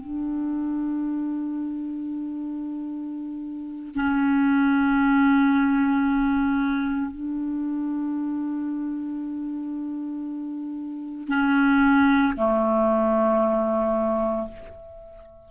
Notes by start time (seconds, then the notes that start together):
0.00 D4
3.95 C#4
7.11 D4
11.28 C#4
12.37 A3